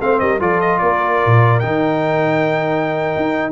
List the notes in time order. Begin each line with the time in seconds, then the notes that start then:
0.00 A3 C4 C5 F5
0.19 G3 A#4 D#5
0.39 F3 F4 A4 D5
0.60 D#5
0.78 A#3 A#4 D5
1.25 A#2
1.59 D#3 D#4 G5
3.16 D#4